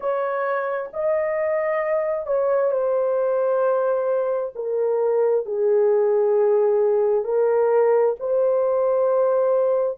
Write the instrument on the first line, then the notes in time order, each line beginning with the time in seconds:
horn
0.00 C#5
0.93 D#5
2.26 C#5
2.71 C5
4.55 A#4
5.45 G#4
7.24 A#4
8.19 C5